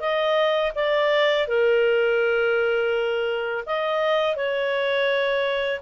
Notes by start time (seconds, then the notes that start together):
0.00 D#5
0.75 D5
1.48 A#4
3.66 D#5
4.36 C#5